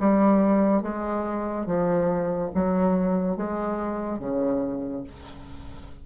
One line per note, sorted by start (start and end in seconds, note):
0.00 0.83 G3
0.83 1.66 G#3
1.66 2.51 F3
2.55 3.37 F#3
3.37 4.19 G#3
4.19 5.04 C#3